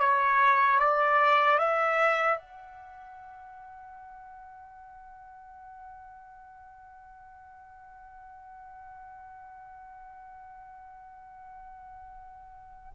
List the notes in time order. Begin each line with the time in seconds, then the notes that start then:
0.00 C#5
0.80 D5
1.58 E5
2.38 F#5